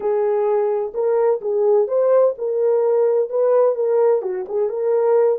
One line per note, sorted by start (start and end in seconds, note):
0.00 0.92 G#4
0.94 1.40 A#4
1.41 1.87 G#4
1.87 2.34 C5
2.37 3.29 A#4
3.29 3.75 B4
3.75 4.21 A#4
4.22 4.45 F#4
4.48 4.69 G#4
4.69 5.39 A#4